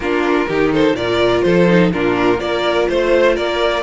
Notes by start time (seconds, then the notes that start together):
0.00 A#3 D4 F4 A#4
0.48 D#3 D#4 G4
0.72 A4 C5
0.93 A#2 F4 A#4 D5
1.42 F3 A4 C5
1.68 D#4
1.92 A#2 D4 F4 A#4
2.37 A#3 F4 A#4 D5
2.89 A3 C5
3.35 A#3 A#4 D5